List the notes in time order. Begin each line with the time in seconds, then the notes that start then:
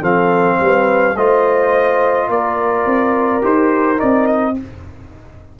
0.00 F3 C4 A4 F5
0.59 G3 B4
1.15 A3 F4 C5 D#5
2.28 A#3 A#4 D5
2.85 C4
3.41 D#4 G4 C5
3.97 C4 D#4 D5
4.26 D#5